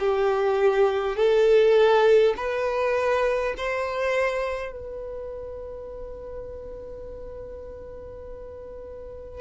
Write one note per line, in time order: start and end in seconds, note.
0.00 1.17 G4
1.17 2.34 A4
2.37 3.55 B4
3.57 4.72 C5
4.72 9.41 B4